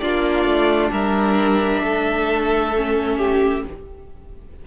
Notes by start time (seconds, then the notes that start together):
0.00 A#3 D4 F4 D5
0.45 A3
0.91 G3 A#4 E5
1.83 A3 A4
2.77 C#4
3.17 G4